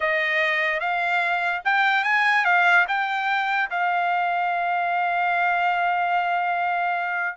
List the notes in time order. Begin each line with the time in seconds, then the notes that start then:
0.00 D#5
0.80 F5
1.64 G5
2.04 G#5
2.45 F5
2.88 G5
3.70 F5